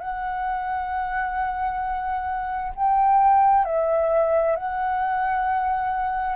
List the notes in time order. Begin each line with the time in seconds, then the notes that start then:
0.00 F#5
2.75 G5
3.65 E5
4.56 F#5